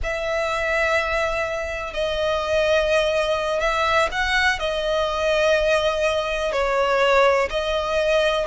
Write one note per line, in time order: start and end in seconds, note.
0.03 1.93 E5
1.93 3.60 D#5
3.60 4.08 E5
4.11 4.59 F#5
4.59 6.52 D#5
6.52 7.49 C#5
7.50 8.46 D#5